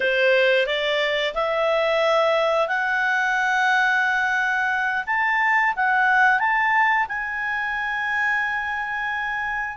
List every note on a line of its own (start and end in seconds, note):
0.00 0.66 C5
0.66 1.34 D5
1.34 2.68 E5
2.68 5.03 F#5
5.06 5.74 A5
5.75 6.39 F#5
6.39 7.06 A5
7.08 9.77 G#5